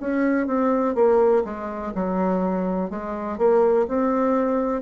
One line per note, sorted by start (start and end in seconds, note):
0.00 0.47 C#4
0.47 0.95 C4
0.95 1.43 A#3
1.45 1.93 G#3
1.95 2.90 F#3
2.90 3.38 G#3
3.38 3.87 A#3
3.88 4.82 C4